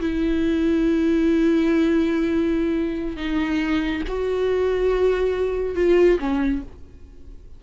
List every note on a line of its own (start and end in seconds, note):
0.00 3.17 E4
3.17 4.02 D#4
4.08 5.75 F#4
5.75 6.18 F4
6.19 6.62 C#4